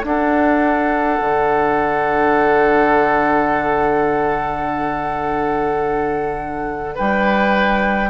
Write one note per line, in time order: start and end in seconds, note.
0.00 8.08 D4
0.00 1.19 D4
0.00 6.97 F#5
0.07 6.94 A4
1.20 6.97 D3
6.94 8.09 G3
6.94 8.09 B4
6.94 8.09 G5